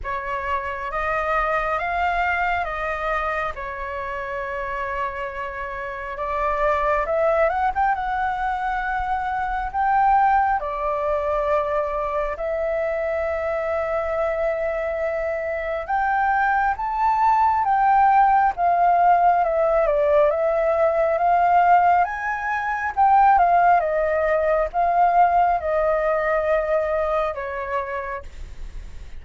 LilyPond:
\new Staff \with { instrumentName = "flute" } { \time 4/4 \tempo 4 = 68 cis''4 dis''4 f''4 dis''4 | cis''2. d''4 | e''8 fis''16 g''16 fis''2 g''4 | d''2 e''2~ |
e''2 g''4 a''4 | g''4 f''4 e''8 d''8 e''4 | f''4 gis''4 g''8 f''8 dis''4 | f''4 dis''2 cis''4 | }